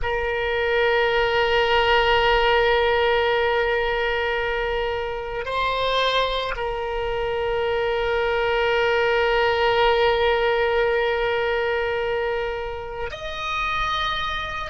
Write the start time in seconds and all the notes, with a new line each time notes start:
0.02 A#4
5.45 C5
6.56 A#4
13.11 D#5